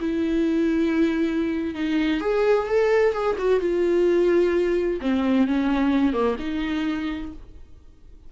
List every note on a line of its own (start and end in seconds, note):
0.00 1.74 E4
1.74 2.21 D#4
2.21 2.67 G#4
2.67 3.13 A4
3.13 3.36 G#4
3.38 3.60 F#4
3.60 5.00 F4
5.01 5.47 C4
5.47 6.13 C#4
6.13 6.36 A#3
6.39 7.32 D#4